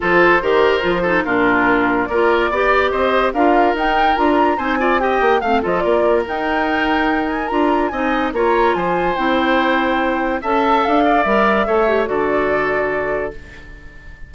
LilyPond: <<
  \new Staff \with { instrumentName = "flute" } { \time 4/4 \tempo 4 = 144 c''2. ais'4~ | ais'4 d''2 dis''4 | f''4 g''4 ais''4 gis''4 | g''4 f''8 dis''8 d''4 g''4~ |
g''4. gis''8 ais''4 gis''4 | ais''4 gis''4 g''2~ | g''4 a''4 f''4 e''4~ | e''4 d''2. | }
  \new Staff \with { instrumentName = "oboe" } { \time 4/4 a'4 ais'4. a'8 f'4~ | f'4 ais'4 d''4 c''4 | ais'2. c''8 d''8 | dis''4 f''8 a'8 ais'2~ |
ais'2. dis''4 | cis''4 c''2.~ | c''4 e''4. d''4. | cis''4 a'2. | }
  \new Staff \with { instrumentName = "clarinet" } { \time 4/4 f'4 g'4 f'8 dis'8 d'4~ | d'4 f'4 g'2 | f'4 dis'4 f'4 dis'8 f'8 | g'4 c'8 f'4. dis'4~ |
dis'2 f'4 dis'4 | f'2 e'2~ | e'4 a'2 ais'4 | a'8 g'8 fis'2. | }
  \new Staff \with { instrumentName = "bassoon" } { \time 4/4 f4 dis4 f4 ais,4~ | ais,4 ais4 b4 c'4 | d'4 dis'4 d'4 c'4~ | c'8 ais8 a8 f8 ais4 dis'4~ |
dis'2 d'4 c'4 | ais4 f4 c'2~ | c'4 cis'4 d'4 g4 | a4 d2. | }
>>